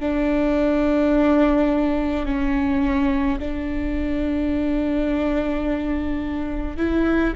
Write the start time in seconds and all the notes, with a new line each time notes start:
0.00 D4
2.25 C#4
3.40 D4
6.77 E4